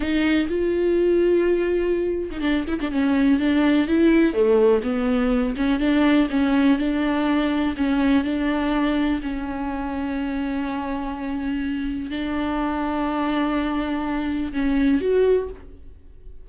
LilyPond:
\new Staff \with { instrumentName = "viola" } { \time 4/4 \tempo 4 = 124 dis'4 f'2.~ | f'8. dis'16 d'8 e'16 d'16 cis'4 d'4 | e'4 a4 b4. cis'8 | d'4 cis'4 d'2 |
cis'4 d'2 cis'4~ | cis'1~ | cis'4 d'2.~ | d'2 cis'4 fis'4 | }